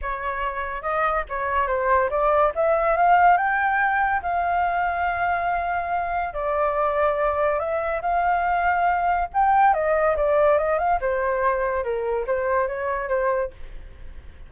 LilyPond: \new Staff \with { instrumentName = "flute" } { \time 4/4 \tempo 4 = 142 cis''2 dis''4 cis''4 | c''4 d''4 e''4 f''4 | g''2 f''2~ | f''2. d''4~ |
d''2 e''4 f''4~ | f''2 g''4 dis''4 | d''4 dis''8 f''8 c''2 | ais'4 c''4 cis''4 c''4 | }